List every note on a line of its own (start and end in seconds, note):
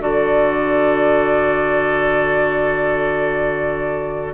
0.00 4.35 D3
0.00 4.35 F#4
0.00 4.35 A4
0.00 4.35 D5